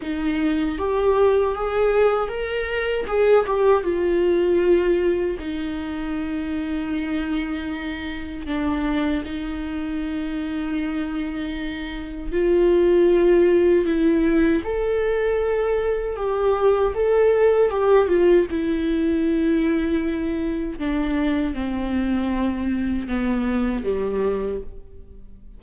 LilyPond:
\new Staff \with { instrumentName = "viola" } { \time 4/4 \tempo 4 = 78 dis'4 g'4 gis'4 ais'4 | gis'8 g'8 f'2 dis'4~ | dis'2. d'4 | dis'1 |
f'2 e'4 a'4~ | a'4 g'4 a'4 g'8 f'8 | e'2. d'4 | c'2 b4 g4 | }